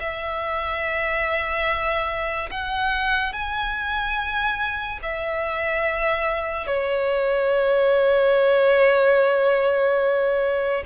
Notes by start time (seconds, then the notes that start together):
0.00 E5
2.51 F#5
3.33 G#5
5.03 E5
6.67 C#5